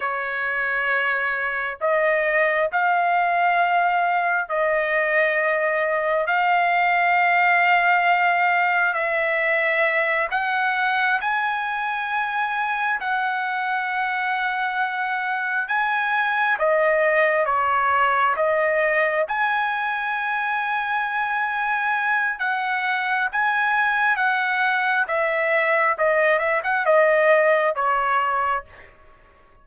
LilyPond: \new Staff \with { instrumentName = "trumpet" } { \time 4/4 \tempo 4 = 67 cis''2 dis''4 f''4~ | f''4 dis''2 f''4~ | f''2 e''4. fis''8~ | fis''8 gis''2 fis''4.~ |
fis''4. gis''4 dis''4 cis''8~ | cis''8 dis''4 gis''2~ gis''8~ | gis''4 fis''4 gis''4 fis''4 | e''4 dis''8 e''16 fis''16 dis''4 cis''4 | }